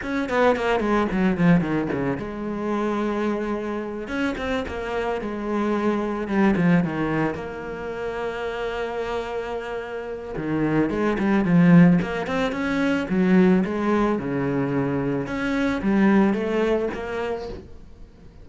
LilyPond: \new Staff \with { instrumentName = "cello" } { \time 4/4 \tempo 4 = 110 cis'8 b8 ais8 gis8 fis8 f8 dis8 cis8 | gis2.~ gis8 cis'8 | c'8 ais4 gis2 g8 | f8 dis4 ais2~ ais8~ |
ais2. dis4 | gis8 g8 f4 ais8 c'8 cis'4 | fis4 gis4 cis2 | cis'4 g4 a4 ais4 | }